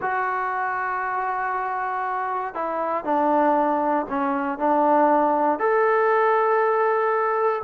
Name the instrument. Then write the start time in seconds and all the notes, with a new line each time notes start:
trombone
0.01 F#4
2.54 E4
3.04 D4
4.09 C#4
4.58 D4
5.59 A4